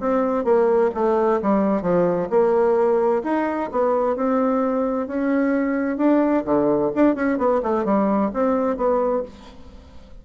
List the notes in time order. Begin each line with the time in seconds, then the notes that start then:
0.00 C4
0.44 A#3
0.94 A3
1.42 G3
1.82 F3
2.30 A#3
3.24 D#4
3.72 B3
4.16 C4
5.07 C#4
5.97 D4
6.45 D3
6.95 D4
7.15 C#4
7.38 B3
7.63 A3
7.85 G3
8.33 C4
8.77 B3